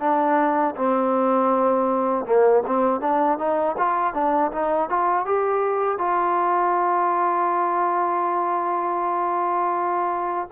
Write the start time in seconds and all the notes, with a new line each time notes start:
0.00 D4
0.76 C4
2.25 A#3
2.66 C4
3.01 D4
3.38 D#4
3.78 F4
4.14 D4
4.52 D#4
4.89 F4
5.25 G4
5.98 F4